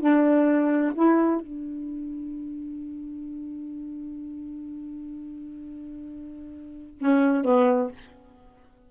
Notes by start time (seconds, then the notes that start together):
0.00 D4
0.94 E4
1.40 D4
6.98 C#4
7.44 B3